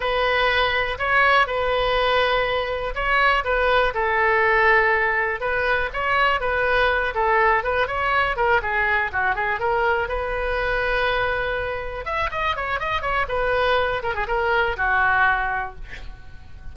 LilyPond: \new Staff \with { instrumentName = "oboe" } { \time 4/4 \tempo 4 = 122 b'2 cis''4 b'4~ | b'2 cis''4 b'4 | a'2. b'4 | cis''4 b'4. a'4 b'8 |
cis''4 ais'8 gis'4 fis'8 gis'8 ais'8~ | ais'8 b'2.~ b'8~ | b'8 e''8 dis''8 cis''8 dis''8 cis''8 b'4~ | b'8 ais'16 gis'16 ais'4 fis'2 | }